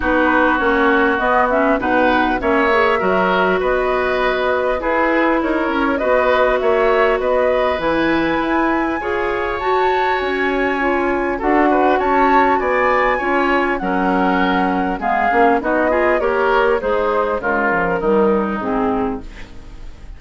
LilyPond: <<
  \new Staff \with { instrumentName = "flute" } { \time 4/4 \tempo 4 = 100 b'4 cis''4 dis''8 e''8 fis''4 | e''2 dis''2 | b'4 cis''4 dis''4 e''4 | dis''4 gis''2. |
a''4 gis''2 fis''4 | a''4 gis''2 fis''4~ | fis''4 f''4 dis''4 cis''4 | c''4 ais'2 gis'4 | }
  \new Staff \with { instrumentName = "oboe" } { \time 4/4 fis'2. b'4 | cis''4 ais'4 b'2 | gis'4 ais'4 b'4 cis''4 | b'2. cis''4~ |
cis''2. a'8 b'8 | cis''4 d''4 cis''4 ais'4~ | ais'4 gis'4 fis'8 gis'8 ais'4 | dis'4 f'4 dis'2 | }
  \new Staff \with { instrumentName = "clarinet" } { \time 4/4 dis'4 cis'4 b8 cis'8 dis'4 | cis'8 gis'8 fis'2. | e'2 fis'2~ | fis'4 e'2 gis'4 |
fis'2 f'4 fis'4~ | fis'2 f'4 cis'4~ | cis'4 b8 cis'8 dis'8 f'8 g'4 | gis'4 gis8 f8 g4 c'4 | }
  \new Staff \with { instrumentName = "bassoon" } { \time 4/4 b4 ais4 b4 b,4 | ais4 fis4 b2 | e'4 dis'8 cis'8 b4 ais4 | b4 e4 e'4 f'4 |
fis'4 cis'2 d'4 | cis'4 b4 cis'4 fis4~ | fis4 gis8 ais8 b4 ais4 | gis4 cis4 dis4 gis,4 | }
>>